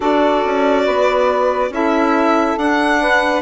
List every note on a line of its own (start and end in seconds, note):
0.00 0.43 D4
0.00 1.71 F#4
0.00 0.83 A4
0.00 1.72 D5
0.44 0.87 C#4
0.85 1.70 B3
0.85 1.71 B4
1.70 2.55 C#4
1.70 2.58 E4
1.70 3.00 A4
1.70 2.58 E5
2.57 3.42 D4
2.57 3.42 F#5
3.00 3.42 B4